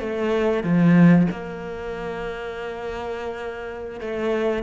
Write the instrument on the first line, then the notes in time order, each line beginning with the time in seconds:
cello
0.00 A3
0.64 F3
1.31 A#3
4.01 A3